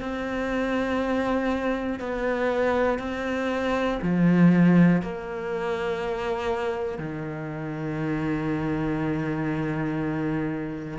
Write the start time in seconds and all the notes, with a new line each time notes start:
0.00 C4
2.00 B3
2.99 C4
4.02 F3
5.02 A#3
6.98 D#3